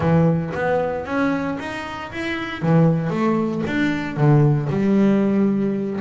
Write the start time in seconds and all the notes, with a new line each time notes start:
0.00 E3
0.54 B3
1.05 C#4
1.59 D#4
2.12 E4
2.61 E3
3.09 A3
3.66 D4
4.16 D3
4.69 G3